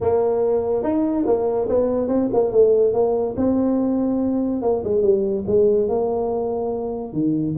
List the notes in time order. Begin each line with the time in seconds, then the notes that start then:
0.01 A#3
0.83 D#4
1.26 A#3
1.68 B3
2.08 C4
2.33 A#3
2.51 A3
2.93 A#3
3.36 C4
4.62 A#3
4.83 G#3
5.02 G3
5.46 G#3
5.88 A#3
7.13 D#3